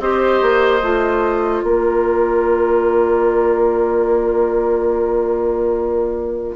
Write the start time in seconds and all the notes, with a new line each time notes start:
0.00 C4 G4 C5 D#5
0.42 A#3
0.82 A3 F4
1.63 A#3 A#4 D5